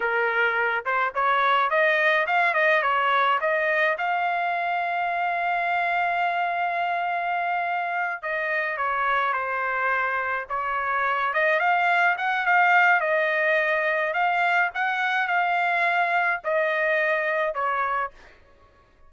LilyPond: \new Staff \with { instrumentName = "trumpet" } { \time 4/4 \tempo 4 = 106 ais'4. c''8 cis''4 dis''4 | f''8 dis''8 cis''4 dis''4 f''4~ | f''1~ | f''2~ f''8 dis''4 cis''8~ |
cis''8 c''2 cis''4. | dis''8 f''4 fis''8 f''4 dis''4~ | dis''4 f''4 fis''4 f''4~ | f''4 dis''2 cis''4 | }